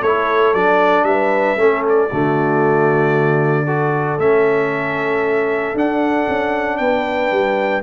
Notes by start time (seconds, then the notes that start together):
0.00 A3 E4 A4 C#5
0.54 F#3 D4 D5
1.03 G3 B4 E5
1.57 A3 C#4 A4
1.89 D5
2.11 D3 A3 F#4
3.65 F#4 A4
4.19 A3 C#4 E5
5.74 D4 F#5
6.29 C#4
6.77 B3 B4 G5
7.31 G3